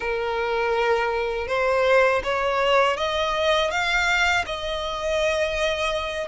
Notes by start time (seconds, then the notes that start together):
0.00 A#4
1.47 C5
2.23 C#5
2.96 D#5
3.70 F5
4.45 D#5